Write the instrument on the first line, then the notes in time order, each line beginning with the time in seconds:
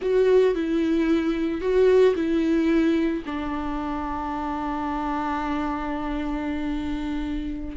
viola
0.01 F#4
0.55 E4
1.61 F#4
2.15 E4
3.25 D4